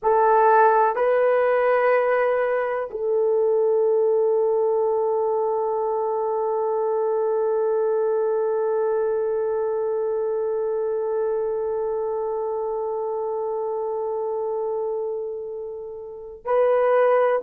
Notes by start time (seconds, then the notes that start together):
0.02 A4
0.95 B4
2.90 A4
16.45 B4